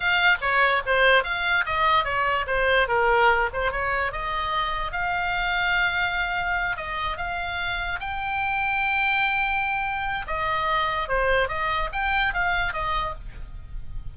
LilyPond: \new Staff \with { instrumentName = "oboe" } { \time 4/4 \tempo 4 = 146 f''4 cis''4 c''4 f''4 | dis''4 cis''4 c''4 ais'4~ | ais'8 c''8 cis''4 dis''2 | f''1~ |
f''8 dis''4 f''2 g''8~ | g''1~ | g''4 dis''2 c''4 | dis''4 g''4 f''4 dis''4 | }